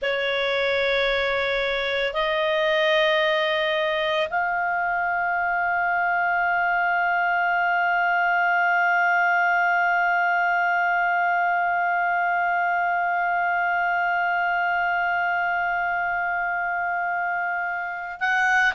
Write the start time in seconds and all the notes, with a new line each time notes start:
0.01 C#5
2.13 D#5
4.29 F5
18.19 F#5